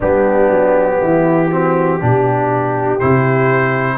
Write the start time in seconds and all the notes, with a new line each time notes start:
0.00 G3 B3 D4 G4
0.50 F#3
1.00 E3 E4
1.49 C4 F#4
2.00 B2 D4 G4
2.99 C3 E4 C5